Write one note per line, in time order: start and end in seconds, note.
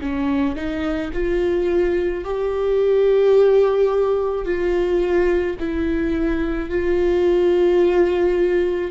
0.00 0.55 C#4
0.55 1.11 D#4
1.13 2.24 F4
2.24 4.45 G4
4.45 5.56 F4
5.59 6.69 E4
6.69 8.91 F4